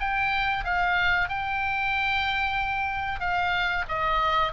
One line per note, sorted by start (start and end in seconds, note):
0.00 0.64 G5
0.64 1.28 F5
1.29 3.20 G5
3.20 3.84 F5
3.88 4.52 D#5